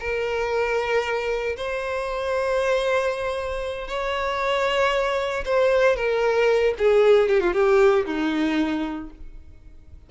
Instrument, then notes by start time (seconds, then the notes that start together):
violin
0.00 A#4
1.57 C5
3.88 C#5
5.45 C5
5.96 A#4
6.78 G#4
7.29 G4
7.40 F4
7.53 G4
8.06 D#4